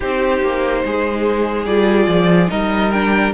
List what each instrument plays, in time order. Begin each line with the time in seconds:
0.00 cello C4, viola D#4, violin G4 C5
0.41 cello A#3
0.84 cello G#3, violin G#4
1.65 cello G3, viola F4, violin D5
2.07 cello F3
2.48 cello G3, viola D#4, violin A#4 D#5
2.91 viola D4, violin G5